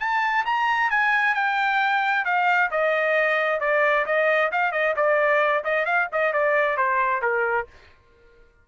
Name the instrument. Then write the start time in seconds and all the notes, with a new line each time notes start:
trumpet
0.00 A5
0.46 A#5
0.90 G#5
1.35 G5
2.25 F5
2.71 D#5
3.60 D5
4.06 D#5
4.52 F5
4.72 D#5
4.96 D5
5.65 D#5
5.85 F5
6.13 D#5
6.33 D5
6.77 C5
7.22 A#4